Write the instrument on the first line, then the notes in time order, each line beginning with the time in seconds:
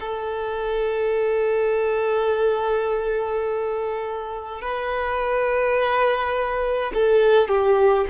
violin
0.00 A4
4.61 B4
6.93 A4
7.48 G4